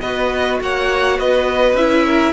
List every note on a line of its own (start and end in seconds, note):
0.00 0.60 B3
0.00 1.77 F#4
0.00 0.59 B4
0.00 0.58 D#5
0.60 1.18 A#3
0.60 1.18 C#5
0.60 1.19 F#5
1.18 1.73 B3
1.18 2.05 B4
1.18 1.75 D#5
1.73 2.31 C#4
1.73 2.32 E4
1.73 2.32 E5
2.05 2.32 A#4